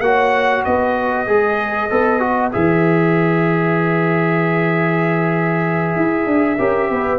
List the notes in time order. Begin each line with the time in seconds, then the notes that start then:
0.00 A#3 F#4 C#5 F#5
0.64 B3 B4 D#5
1.27 G#3 G#4
1.90 B3 A4
2.20 F#4
2.51 E3 G#4 E5
5.96 E4
6.26 D4
6.58 C#4 G4 A#4
6.90 B3 B4